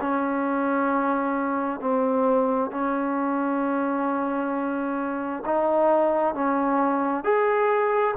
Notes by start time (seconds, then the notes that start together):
0.00 C#4
1.80 C4
2.70 C#4
5.45 D#4
6.34 C#4
7.24 G#4